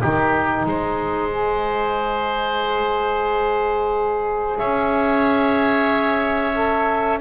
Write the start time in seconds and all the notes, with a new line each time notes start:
0.00 D#3 D#4 G4 D#5
0.65 G#3 C5
1.31 G#4
4.58 C#4 C#5 E5
6.54 A4